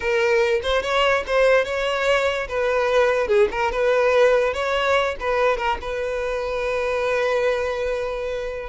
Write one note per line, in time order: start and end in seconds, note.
0.00 0.61 A#4
0.62 0.82 C5
0.82 1.23 C#5
1.26 1.64 C5
1.64 2.47 C#5
2.48 3.27 B4
3.27 3.48 G#4
3.51 3.71 A#4
3.71 4.53 B4
4.53 5.15 C#5
5.19 5.57 B4
5.57 5.77 A#4
5.81 8.69 B4